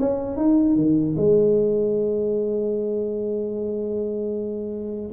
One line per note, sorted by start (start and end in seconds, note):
0.00 0.37 C#4
0.37 0.76 D#4
0.76 1.16 D#3
1.17 5.12 G#3